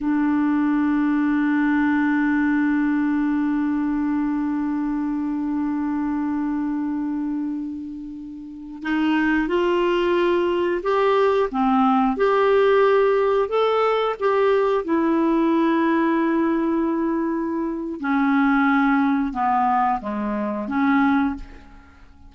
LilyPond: \new Staff \with { instrumentName = "clarinet" } { \time 4/4 \tempo 4 = 90 d'1~ | d'1~ | d'1~ | d'4~ d'16 dis'4 f'4.~ f'16~ |
f'16 g'4 c'4 g'4.~ g'16~ | g'16 a'4 g'4 e'4.~ e'16~ | e'2. cis'4~ | cis'4 b4 gis4 cis'4 | }